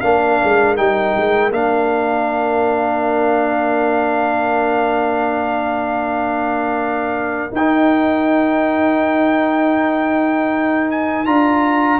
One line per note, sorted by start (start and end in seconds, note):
0.00 0.41 A#3
0.00 0.76 D4
0.00 12.00 A#4
0.00 0.75 F5
0.43 0.78 G#3
0.76 1.15 G3
0.76 1.51 D#4
0.76 1.52 G5
1.16 1.50 G#3
1.50 7.50 A#3
1.50 7.51 D4
1.50 7.53 F5
7.52 11.27 D#4
7.52 11.26 D#4
7.52 10.90 G5
10.90 11.25 G#5
11.25 12.00 D4
11.25 12.00 F4
11.25 12.00 A#5